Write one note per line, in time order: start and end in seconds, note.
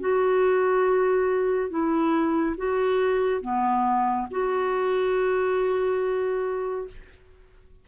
0.00 1.70 F#4
1.70 2.56 E4
2.58 3.41 F#4
3.41 4.27 B3
4.31 6.88 F#4